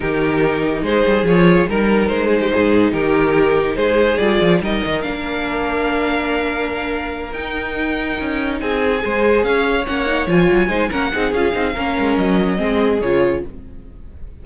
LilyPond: <<
  \new Staff \with { instrumentName = "violin" } { \time 4/4 \tempo 4 = 143 ais'2 c''4 cis''4 | ais'4 c''2 ais'4~ | ais'4 c''4 d''4 dis''4 | f''1~ |
f''4. g''2~ g''8~ | g''8 gis''2 f''4 fis''8~ | fis''8 gis''4. fis''4 f''4~ | f''4 dis''2 cis''4 | }
  \new Staff \with { instrumentName = "violin" } { \time 4/4 g'2 gis'2 | ais'4. gis'16 g'16 gis'4 g'4~ | g'4 gis'2 ais'4~ | ais'1~ |
ais'1~ | ais'8 gis'4 c''4 cis''4.~ | cis''4. c''8 ais'8 gis'4. | ais'2 gis'2 | }
  \new Staff \with { instrumentName = "viola" } { \time 4/4 dis'2. f'4 | dis'1~ | dis'2 f'4 dis'4 | d'1~ |
d'4. dis'2~ dis'8~ | dis'4. gis'2 cis'8 | dis'8 f'4 dis'8 cis'8 dis'8 f'8 dis'8 | cis'2 c'4 f'4 | }
  \new Staff \with { instrumentName = "cello" } { \time 4/4 dis2 gis8 g8 f4 | g4 gis4 gis,4 dis4~ | dis4 gis4 g8 f8 g8 dis8 | ais1~ |
ais4. dis'2 cis'8~ | cis'8 c'4 gis4 cis'4 ais8~ | ais8 f8 fis8 gis8 ais8 c'8 cis'8 c'8 | ais8 gis8 fis4 gis4 cis4 | }
>>